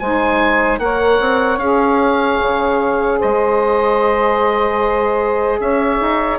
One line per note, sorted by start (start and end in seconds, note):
0.00 0.79 G#3
0.00 0.81 D#4
0.00 0.81 C5
0.00 0.80 G#5
0.79 1.19 A#3
0.79 1.60 A#4
0.79 3.19 C#5
0.79 1.59 F#5
1.21 1.58 C4
1.58 2.38 C#4
1.58 6.39 G#4
1.58 3.19 F5
2.42 3.22 C#3
3.19 5.60 G#3
3.19 5.59 C5
3.19 5.61 D#5
5.60 6.00 C#4
5.60 6.39 C#5
5.60 6.39 E5
6.01 6.39 D#4